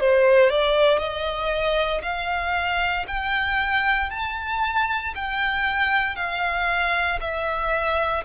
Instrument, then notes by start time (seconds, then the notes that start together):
violin
0.00 C5
0.50 D5
0.99 D#5
2.03 F5
3.08 G5
4.11 A5
5.15 G5
6.16 F5
7.21 E5